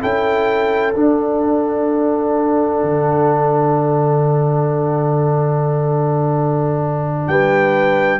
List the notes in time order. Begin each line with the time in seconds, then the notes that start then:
0.00 C#4 E4 A4 G5
0.93 D4 F#5
2.83 D3
7.27 G3 B4 G5